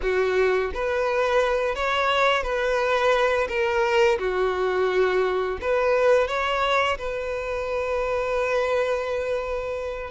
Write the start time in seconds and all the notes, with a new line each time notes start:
0.02 F#4
0.73 B4
1.75 C#5
2.43 B4
3.48 A#4
4.19 F#4
5.61 B4
6.27 C#5
6.98 B4